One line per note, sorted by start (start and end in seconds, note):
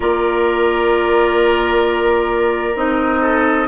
0.00 2.75 A#3
0.00 2.74 F4
0.00 3.21 A#4
0.00 2.76 D5
2.75 3.67 C4
2.75 3.67 D#4
2.75 3.67 D#5
3.21 3.67 A4